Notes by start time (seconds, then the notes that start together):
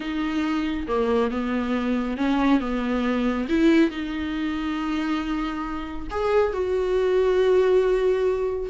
0.00 D#4
0.87 A#3
1.30 B3
2.17 C#4
2.60 B3
3.48 E4
3.90 D#4
6.10 G#4
6.53 F#4